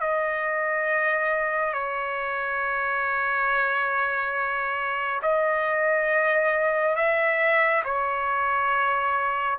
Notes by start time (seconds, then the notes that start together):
0.00 D#5
1.73 C#5
5.22 D#5
6.96 E5
7.85 C#5